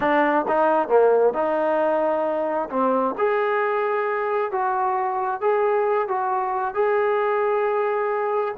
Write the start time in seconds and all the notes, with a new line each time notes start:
0.00 D4
0.48 D#4
0.88 A#3
1.33 D#4
2.70 C4
3.18 G#4
4.51 F#4
5.41 G#4
6.08 F#4
6.74 G#4